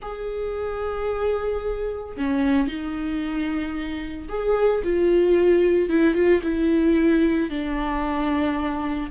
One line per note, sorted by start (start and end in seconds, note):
0.01 2.16 G#4
2.16 2.67 C#4
2.67 4.28 D#4
4.29 4.82 G#4
4.83 5.89 F4
5.89 6.14 E4
6.14 6.41 F4
6.42 7.50 E4
7.50 9.10 D4